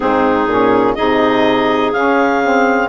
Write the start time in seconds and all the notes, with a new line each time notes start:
0.00 G#2 C4 D#4 G#4
0.46 A#2 C#4
0.94 C3 D#4 G#4 D#5
1.92 C#3 C#4 F5
2.43 C4